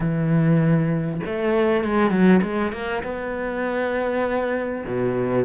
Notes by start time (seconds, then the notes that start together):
0.00 E3
1.25 A3
1.83 G#3
2.10 F#3
2.42 G#3
2.72 A#3
3.03 B3
4.86 B2